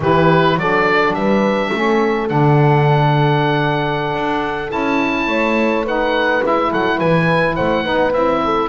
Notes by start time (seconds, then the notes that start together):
0.00 E3 E4 G4 B4
0.56 F#3 D4 A4 D5
1.13 G3 B4 E5
1.71 A3 C#4 A4
2.28 D3 D4 F#5
4.13 D4
4.69 C#4 E4 A5
5.26 A3 C#5
5.84 D#4 B4 F#5
6.42 G#3 E4 E5
6.71 F#3 A4 F#5
6.97 E3 B4 G#5
7.55 A3 C5 F#5
7.83 B3 D#4 B4
8.12 C4 E4 E5
8.44 A4